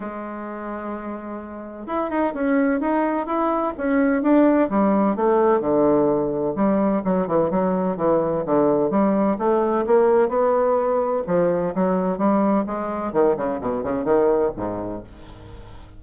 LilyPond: \new Staff \with { instrumentName = "bassoon" } { \time 4/4 \tempo 4 = 128 gis1 | e'8 dis'8 cis'4 dis'4 e'4 | cis'4 d'4 g4 a4 | d2 g4 fis8 e8 |
fis4 e4 d4 g4 | a4 ais4 b2 | f4 fis4 g4 gis4 | dis8 cis8 b,8 cis8 dis4 gis,4 | }